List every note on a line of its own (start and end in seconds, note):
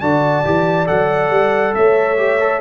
0.00 0.44 D3
0.00 0.44 F#4
0.00 1.76 D5
0.00 0.87 A5
0.44 0.89 E3
0.44 0.86 G4
0.86 1.30 F#3
0.86 2.17 A4
0.86 1.75 F#5
1.30 1.74 G3
1.75 2.61 A3
1.75 2.61 C#5
1.75 2.61 E5
2.17 2.39 G4
2.41 2.61 A4